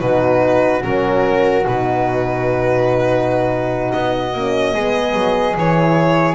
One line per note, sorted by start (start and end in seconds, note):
0.00 0.83 B2
0.00 0.81 D#4
0.00 4.73 F#4
0.00 0.82 B4
0.81 1.66 F#3
0.81 1.63 C#4
0.81 1.65 A#4
1.65 3.92 B2
1.65 4.33 D#4
1.65 3.92 B4
3.92 4.33 B3
3.92 5.56 D#5
4.33 4.74 A#3
4.33 4.74 C#4
4.73 5.14 G#3
4.73 5.56 B3
4.73 6.35 G#4
5.14 5.55 F#3
5.55 6.35 E3
5.55 6.35 E4
5.55 6.35 C#5